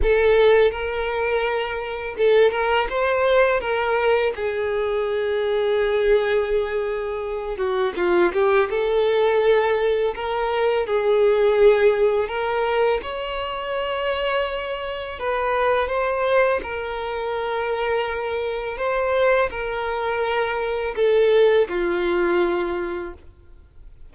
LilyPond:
\new Staff \with { instrumentName = "violin" } { \time 4/4 \tempo 4 = 83 a'4 ais'2 a'8 ais'8 | c''4 ais'4 gis'2~ | gis'2~ gis'8 fis'8 f'8 g'8 | a'2 ais'4 gis'4~ |
gis'4 ais'4 cis''2~ | cis''4 b'4 c''4 ais'4~ | ais'2 c''4 ais'4~ | ais'4 a'4 f'2 | }